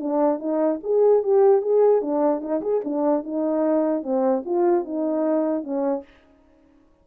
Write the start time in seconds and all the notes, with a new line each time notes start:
0.00 D4
0.39 D#4
0.83 G#4
1.23 G4
1.62 G#4
2.01 D4
2.41 D#4
2.61 G#4
2.84 D4
3.24 D#4
4.03 C4
4.45 F4
4.85 D#4
5.63 C#4